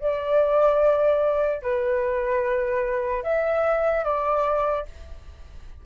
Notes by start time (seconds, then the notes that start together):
0.00 D5
1.63 B4
3.23 E5
4.04 D5